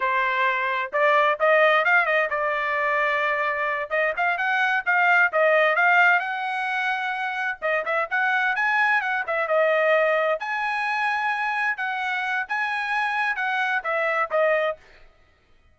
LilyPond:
\new Staff \with { instrumentName = "trumpet" } { \time 4/4 \tempo 4 = 130 c''2 d''4 dis''4 | f''8 dis''8 d''2.~ | d''8 dis''8 f''8 fis''4 f''4 dis''8~ | dis''8 f''4 fis''2~ fis''8~ |
fis''8 dis''8 e''8 fis''4 gis''4 fis''8 | e''8 dis''2 gis''4.~ | gis''4. fis''4. gis''4~ | gis''4 fis''4 e''4 dis''4 | }